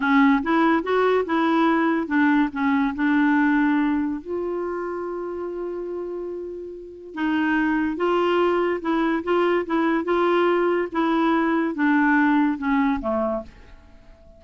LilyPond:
\new Staff \with { instrumentName = "clarinet" } { \time 4/4 \tempo 4 = 143 cis'4 e'4 fis'4 e'4~ | e'4 d'4 cis'4 d'4~ | d'2 f'2~ | f'1~ |
f'4 dis'2 f'4~ | f'4 e'4 f'4 e'4 | f'2 e'2 | d'2 cis'4 a4 | }